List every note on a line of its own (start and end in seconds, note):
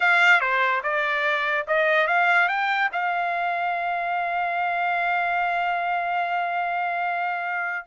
0.00 0.40 F5
0.40 0.81 C5
0.83 1.66 D5
1.67 2.07 D#5
2.07 2.48 F5
2.48 2.89 G5
2.92 7.86 F5